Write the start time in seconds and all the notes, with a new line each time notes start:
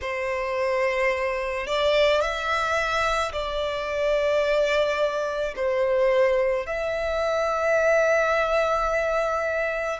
0.01 C5
1.66 D5
2.21 E5
3.32 D5
5.56 C5
6.66 E5